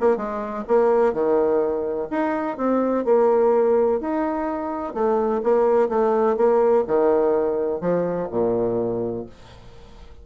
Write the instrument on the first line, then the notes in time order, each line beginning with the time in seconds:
bassoon
0.00 A#3
0.16 G#3
0.67 A#3
1.13 D#3
2.10 D#4
2.57 C4
3.05 A#3
4.00 D#4
4.94 A3
5.43 A#3
5.89 A3
6.36 A#3
6.87 D#3
7.80 F3
8.30 A#2